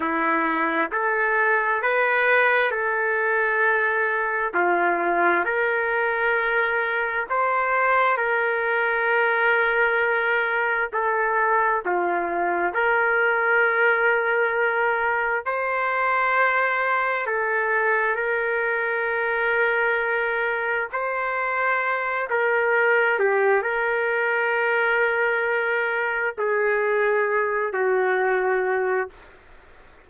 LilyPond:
\new Staff \with { instrumentName = "trumpet" } { \time 4/4 \tempo 4 = 66 e'4 a'4 b'4 a'4~ | a'4 f'4 ais'2 | c''4 ais'2. | a'4 f'4 ais'2~ |
ais'4 c''2 a'4 | ais'2. c''4~ | c''8 ais'4 g'8 ais'2~ | ais'4 gis'4. fis'4. | }